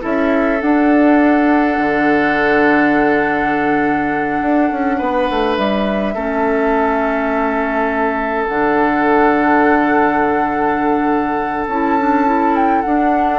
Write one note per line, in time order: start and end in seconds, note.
0.00 0.62 C#4
0.00 0.58 E4
0.00 4.97 A4
0.00 0.61 E5
0.61 6.15 D4
0.61 1.78 D4
0.61 5.56 F#5
1.78 4.40 D3
4.41 4.71 D4
4.71 5.00 C#4
4.98 5.29 B3
4.98 6.14 B4
5.30 5.58 A3
5.57 6.15 G3
5.57 8.45 E5
6.15 8.48 A3
6.15 8.48 C#4
6.15 13.39 A4
8.45 11.67 D3
8.45 11.68 D4
8.45 11.66 F#5
11.67 12.83 C#4
11.67 11.99 E4
11.67 12.56 A5
11.99 12.26 D4
12.26 12.84 E4
12.56 12.82 G5
12.82 13.39 D4
12.82 13.39 F#5